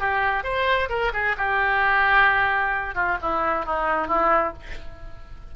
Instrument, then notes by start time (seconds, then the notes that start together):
oboe
0.00 G4
0.44 C5
0.90 A#4
1.14 G#4
1.38 G4
2.95 F4
3.22 E4
3.66 D#4
4.08 E4